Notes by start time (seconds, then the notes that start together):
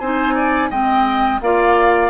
0.00 C4 D#4 C5 G#5
0.35 D5
0.70 G#3 C4 D#5 G5
1.41 A#3 F4 D5 F5